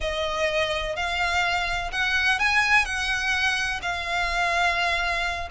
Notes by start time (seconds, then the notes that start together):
0.01 D#5
0.96 F5
1.92 F#5
2.39 G#5
2.85 F#5
3.82 F5